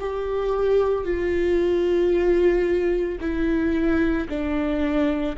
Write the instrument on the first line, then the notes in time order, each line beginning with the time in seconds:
viola
0.00 G4
1.05 F4
3.21 E4
4.29 D4